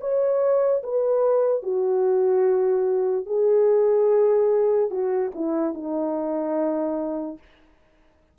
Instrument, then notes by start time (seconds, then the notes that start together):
horn
0.00 C#5
0.83 B4
1.63 F#4
3.26 G#4
4.90 F#4
5.35 E4
5.73 D#4